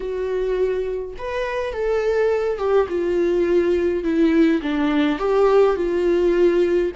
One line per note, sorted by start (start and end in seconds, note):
0.00 1.14 F#4
1.17 1.73 B4
1.73 2.58 A4
2.58 2.87 G4
2.88 4.03 F4
4.03 4.61 E4
4.62 5.18 D4
5.18 5.76 G4
5.76 6.91 F4